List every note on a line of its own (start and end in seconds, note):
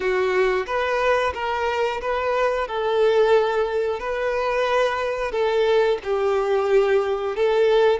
0.00 0.66 F#4
0.66 1.33 B4
1.34 2.00 A#4
2.01 2.67 B4
2.67 3.99 A4
3.99 5.32 B4
5.32 5.98 A4
6.03 7.35 G4
7.35 7.99 A4